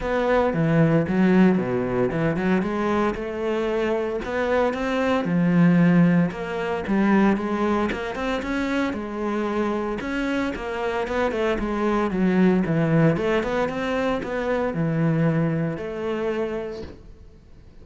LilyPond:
\new Staff \with { instrumentName = "cello" } { \time 4/4 \tempo 4 = 114 b4 e4 fis4 b,4 | e8 fis8 gis4 a2 | b4 c'4 f2 | ais4 g4 gis4 ais8 c'8 |
cis'4 gis2 cis'4 | ais4 b8 a8 gis4 fis4 | e4 a8 b8 c'4 b4 | e2 a2 | }